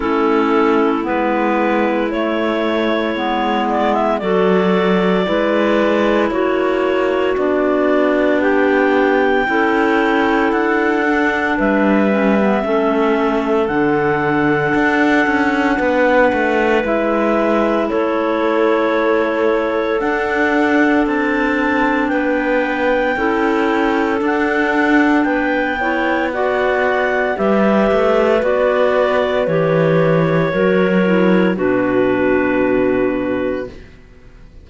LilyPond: <<
  \new Staff \with { instrumentName = "clarinet" } { \time 4/4 \tempo 4 = 57 a'4 b'4 cis''4. d''16 e''16 | d''2 cis''4 d''4 | g''2 fis''4 e''4~ | e''4 fis''2. |
e''4 cis''2 fis''4 | a''4 g''2 fis''4 | g''4 fis''4 e''4 d''4 | cis''2 b'2 | }
  \new Staff \with { instrumentName = "clarinet" } { \time 4/4 e'1 | a'4 b'4 fis'2 | g'4 a'2 b'4 | a'2. b'4~ |
b'4 a'2.~ | a'4 b'4 a'2 | b'8 cis''8 d''4 b'2~ | b'4 ais'4 fis'2 | }
  \new Staff \with { instrumentName = "clarinet" } { \time 4/4 cis'4 b4 a4 b4 | fis'4 e'2 d'4~ | d'4 e'4. d'4 cis'16 b16 | cis'4 d'2. |
e'2. d'4~ | d'2 e'4 d'4~ | d'8 e'8 fis'4 g'4 fis'4 | g'4 fis'8 e'8 d'2 | }
  \new Staff \with { instrumentName = "cello" } { \time 4/4 a4 gis4 a4 gis4 | fis4 gis4 ais4 b4~ | b4 cis'4 d'4 g4 | a4 d4 d'8 cis'8 b8 a8 |
gis4 a2 d'4 | c'4 b4 cis'4 d'4 | b2 g8 a8 b4 | e4 fis4 b,2 | }
>>